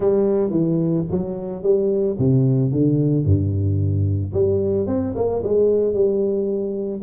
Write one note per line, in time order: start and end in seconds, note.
0.00 0.50 G3
0.50 1.04 E3
1.11 1.62 F#3
1.62 2.16 G3
2.18 2.71 C3
2.71 3.24 D3
3.24 4.32 G2
4.33 4.86 G3
4.86 5.14 C4
5.15 5.42 A#3
5.43 5.93 G#3
5.93 7.01 G3